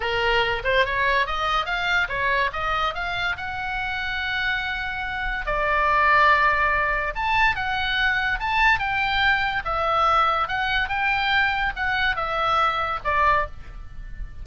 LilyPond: \new Staff \with { instrumentName = "oboe" } { \time 4/4 \tempo 4 = 143 ais'4. c''8 cis''4 dis''4 | f''4 cis''4 dis''4 f''4 | fis''1~ | fis''4 d''2.~ |
d''4 a''4 fis''2 | a''4 g''2 e''4~ | e''4 fis''4 g''2 | fis''4 e''2 d''4 | }